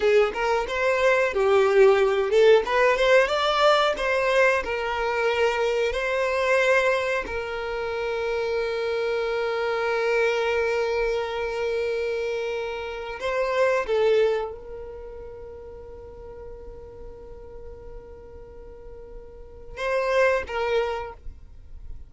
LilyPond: \new Staff \with { instrumentName = "violin" } { \time 4/4 \tempo 4 = 91 gis'8 ais'8 c''4 g'4. a'8 | b'8 c''8 d''4 c''4 ais'4~ | ais'4 c''2 ais'4~ | ais'1~ |
ais'1 | c''4 a'4 ais'2~ | ais'1~ | ais'2 c''4 ais'4 | }